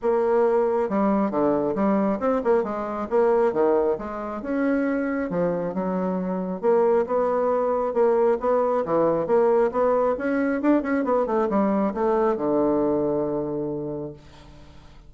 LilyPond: \new Staff \with { instrumentName = "bassoon" } { \time 4/4 \tempo 4 = 136 ais2 g4 d4 | g4 c'8 ais8 gis4 ais4 | dis4 gis4 cis'2 | f4 fis2 ais4 |
b2 ais4 b4 | e4 ais4 b4 cis'4 | d'8 cis'8 b8 a8 g4 a4 | d1 | }